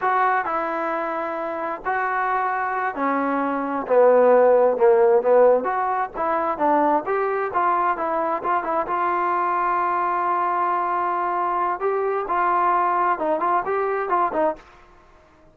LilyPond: \new Staff \with { instrumentName = "trombone" } { \time 4/4 \tempo 4 = 132 fis'4 e'2. | fis'2~ fis'8 cis'4.~ | cis'8 b2 ais4 b8~ | b8 fis'4 e'4 d'4 g'8~ |
g'8 f'4 e'4 f'8 e'8 f'8~ | f'1~ | f'2 g'4 f'4~ | f'4 dis'8 f'8 g'4 f'8 dis'8 | }